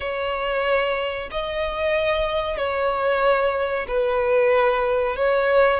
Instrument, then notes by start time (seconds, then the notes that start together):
violin
0.00 C#5
1.31 D#5
2.57 C#5
3.87 B4
5.16 C#5